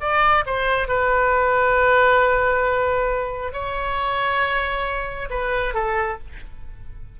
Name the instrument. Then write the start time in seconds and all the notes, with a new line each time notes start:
oboe
0.00 D5
0.46 C5
0.88 B4
3.53 C#5
5.30 B4
5.74 A4